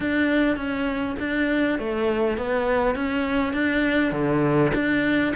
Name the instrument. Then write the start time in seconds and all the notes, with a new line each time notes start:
cello
0.00 D4
0.56 C#4
1.19 D4
1.78 A3
2.37 B3
2.95 C#4
3.53 D4
4.12 D3
4.74 D4